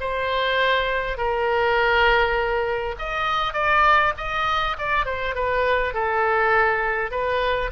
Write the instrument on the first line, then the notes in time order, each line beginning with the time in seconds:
oboe
0.00 C5
1.17 A#4
2.98 D#5
3.53 D5
4.17 D#5
4.78 D5
5.05 C5
5.35 B4
5.94 A4
7.11 B4